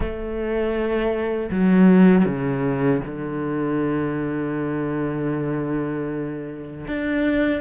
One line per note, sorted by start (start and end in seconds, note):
0.00 1.49 A3
1.50 2.25 F#3
2.25 3.01 C#3
3.06 6.85 D3
6.87 7.61 D4